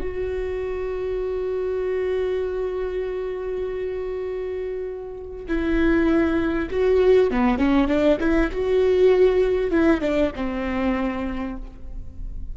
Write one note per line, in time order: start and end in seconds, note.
0.00 5.45 F#4
5.48 6.69 E4
6.71 7.31 F#4
7.31 7.58 B3
7.58 7.88 C#4
7.88 8.18 D4
8.20 8.50 E4
8.52 9.71 F#4
9.71 10.01 E4
10.01 10.31 D4
10.36 11.57 C4